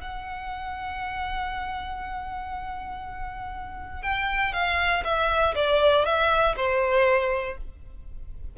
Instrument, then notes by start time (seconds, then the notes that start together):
violin
0.00 F#5
4.02 G5
4.53 F5
5.04 E5
5.55 D5
6.05 E5
6.56 C5